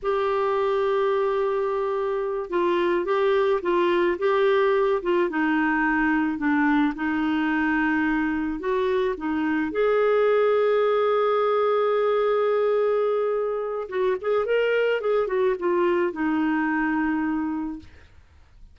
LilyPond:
\new Staff \with { instrumentName = "clarinet" } { \time 4/4 \tempo 4 = 108 g'1~ | g'8 f'4 g'4 f'4 g'8~ | g'4 f'8 dis'2 d'8~ | d'8 dis'2. fis'8~ |
fis'8 dis'4 gis'2~ gis'8~ | gis'1~ | gis'4 fis'8 gis'8 ais'4 gis'8 fis'8 | f'4 dis'2. | }